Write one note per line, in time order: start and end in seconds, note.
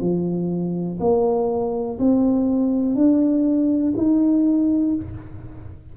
0.00 0.98 F3
1.00 1.98 A#3
1.99 2.95 C4
2.95 3.93 D4
3.96 4.94 D#4